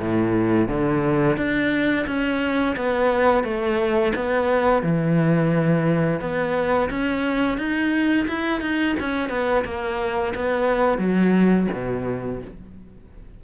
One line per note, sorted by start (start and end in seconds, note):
0.00 0.68 A2
0.68 1.37 D3
1.37 2.06 D4
2.07 2.76 C#4
2.76 3.44 B3
3.44 4.13 A3
4.16 4.83 B3
4.83 6.21 E3
6.21 6.90 B3
6.90 7.58 C#4
7.58 8.27 D#4
8.28 8.61 E4
8.61 8.96 D#4
9.00 9.30 C#4
9.30 9.64 B3
9.65 10.34 A#3
10.35 10.98 B3
10.98 11.67 F#3
11.73 12.42 B2